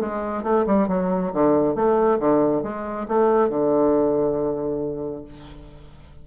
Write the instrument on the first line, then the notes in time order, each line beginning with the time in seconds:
bassoon
0.00 G#3
0.43 A3
0.66 G3
0.88 F#3
1.33 D3
1.75 A3
2.19 D3
2.63 G#3
3.08 A3
3.49 D3